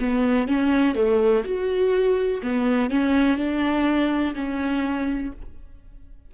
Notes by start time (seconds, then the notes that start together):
0.00 B3
0.48 C#4
0.95 A3
1.45 F#4
2.43 B3
2.91 C#4
3.38 D4
4.36 C#4